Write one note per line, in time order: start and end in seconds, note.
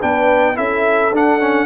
0.00 0.58 B3
0.00 0.55 D4
0.00 0.56 B4
0.00 0.57 G5
0.55 1.11 C#4
0.55 1.11 E4
0.55 1.66 A4
0.55 1.13 E5
1.11 1.66 D4
1.11 1.40 D4
1.11 1.66 F#5
1.40 1.66 C#4